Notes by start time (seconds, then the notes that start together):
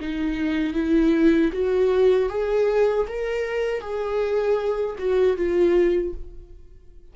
0.00 D#4
0.74 E4
1.52 F#4
2.29 G#4
3.08 A#4
3.81 G#4
4.99 F#4
5.37 F4